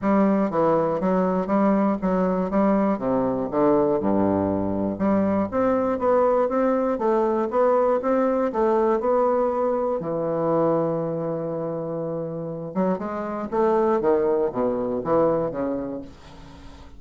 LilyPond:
\new Staff \with { instrumentName = "bassoon" } { \time 4/4 \tempo 4 = 120 g4 e4 fis4 g4 | fis4 g4 c4 d4 | g,2 g4 c'4 | b4 c'4 a4 b4 |
c'4 a4 b2 | e1~ | e4. fis8 gis4 a4 | dis4 b,4 e4 cis4 | }